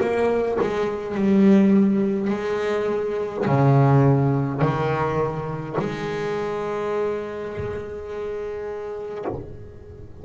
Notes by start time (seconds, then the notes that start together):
0.00 A#3
0.60 G#3
1.15 G3
2.30 G#3
3.46 C#3
4.61 D#3
5.79 G#3